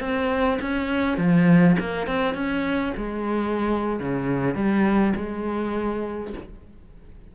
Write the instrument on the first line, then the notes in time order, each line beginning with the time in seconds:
cello
0.00 C4
0.61 C#4
1.18 F3
1.79 A#3
2.07 C4
2.34 C#4
2.97 G#3
4.00 C#3
4.55 G3
5.16 G#3